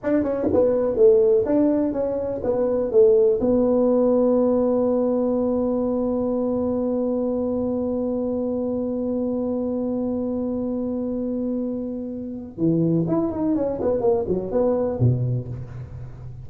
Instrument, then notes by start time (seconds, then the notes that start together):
tuba
0.03 D4
0.23 C#4
0.53 B3
0.96 A3
1.45 D4
1.92 C#4
2.43 B3
2.91 A3
3.40 B3
12.57 E3
13.07 E4
13.31 D#4
13.55 C#4
13.81 B3
14.01 A#3
14.28 F#3
14.51 B3
14.99 B2